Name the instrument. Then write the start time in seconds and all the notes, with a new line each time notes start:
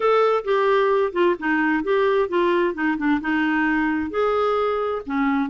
clarinet
0.00 A4
0.44 G4
1.12 F4
1.39 D#4
1.83 G4
2.28 F4
2.74 D#4
2.97 D4
3.20 D#4
4.10 G#4
5.05 C#4